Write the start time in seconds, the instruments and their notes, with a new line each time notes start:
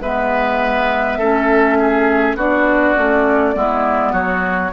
0.00 bassoon G#3, clarinet B3, oboe B4, flute E5
1.17 bassoon A3, clarinet C#4, oboe A4
1.79 oboe G#4
2.35 bassoon B3, clarinet D4, oboe F#4, flute D5
2.96 bassoon A3, clarinet C#4
3.53 bassoon G#3, clarinet B3, oboe E4
4.12 bassoon F#3, oboe F#4, flute C#5